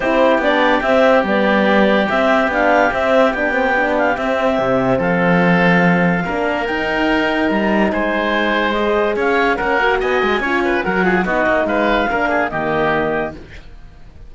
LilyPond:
<<
  \new Staff \with { instrumentName = "clarinet" } { \time 4/4 \tempo 4 = 144 c''4 d''4 e''4 d''4~ | d''4 e''4 f''4 e''4 | g''4. f''8 e''2 | f''1 |
g''2 ais''4 gis''4~ | gis''4 dis''4 f''4 fis''4 | gis''2 fis''4 dis''4 | f''2 dis''2 | }
  \new Staff \with { instrumentName = "oboe" } { \time 4/4 g'1~ | g'1~ | g'1 | a'2. ais'4~ |
ais'2. c''4~ | c''2 cis''4 ais'4 | dis''4 cis''8 b'8 ais'8 gis'8 fis'4 | b'4 ais'8 gis'8 g'2 | }
  \new Staff \with { instrumentName = "horn" } { \time 4/4 e'4 d'4 c'4 b4~ | b4 c'4 d'4 c'4 | d'8 c'8 d'4 c'2~ | c'2. d'4 |
dis'1~ | dis'4 gis'2 cis'8 fis'8~ | fis'4 f'4 fis'8 f'8 dis'4~ | dis'4 d'4 ais2 | }
  \new Staff \with { instrumentName = "cello" } { \time 4/4 c'4 b4 c'4 g4~ | g4 c'4 b4 c'4 | b2 c'4 c4 | f2. ais4 |
dis'2 g4 gis4~ | gis2 cis'4 ais4 | b8 gis8 cis'4 fis4 b8 ais8 | gis4 ais4 dis2 | }
>>